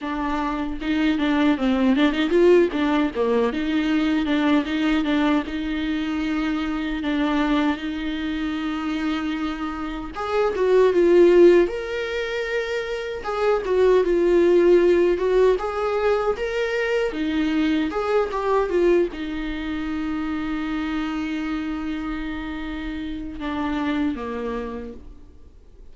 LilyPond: \new Staff \with { instrumentName = "viola" } { \time 4/4 \tempo 4 = 77 d'4 dis'8 d'8 c'8 d'16 dis'16 f'8 d'8 | ais8 dis'4 d'8 dis'8 d'8 dis'4~ | dis'4 d'4 dis'2~ | dis'4 gis'8 fis'8 f'4 ais'4~ |
ais'4 gis'8 fis'8 f'4. fis'8 | gis'4 ais'4 dis'4 gis'8 g'8 | f'8 dis'2.~ dis'8~ | dis'2 d'4 ais4 | }